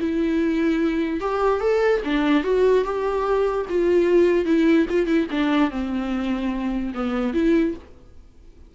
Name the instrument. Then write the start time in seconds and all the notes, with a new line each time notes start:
viola
0.00 E4
1.20 G4
1.60 A4
2.04 D4
2.43 F#4
2.84 G4
3.69 F4
4.45 E4
4.89 F4
5.06 E4
5.31 D4
5.70 C4
6.94 B3
7.33 E4